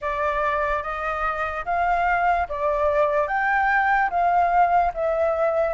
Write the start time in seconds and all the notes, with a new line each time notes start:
0.01 D5
0.82 D#5
1.65 F5
2.48 D5
3.27 G5
4.10 F5
4.94 E5